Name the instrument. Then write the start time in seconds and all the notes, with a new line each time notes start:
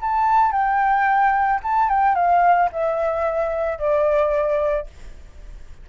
flute
0.00 A5
0.52 G5
1.63 A5
1.88 G5
2.15 F5
2.72 E5
3.78 D5